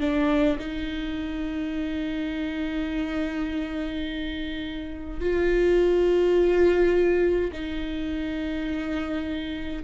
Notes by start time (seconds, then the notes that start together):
0.00 D4
0.59 D#4
5.20 F4
7.53 D#4